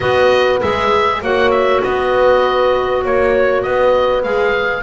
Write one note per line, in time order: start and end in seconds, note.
0.00 0.61 B3
0.00 0.59 F#4
0.00 1.21 B4
0.00 0.59 D#5
0.61 1.21 G#3
0.61 1.22 G#4
0.61 1.22 E5
1.21 1.82 A#3
1.21 4.23 F#4
1.21 1.82 C#5
1.21 1.50 F#5
1.50 1.81 E5
1.82 3.05 B3
1.82 3.03 B4
1.82 3.04 D#5
3.03 3.64 A#3
3.03 3.63 C#5
3.03 3.62 C#5
3.62 4.24 B3
3.62 4.82 B4
3.62 4.22 D#5
4.22 4.82 G#3
4.22 4.82 G#4
4.22 4.82 F5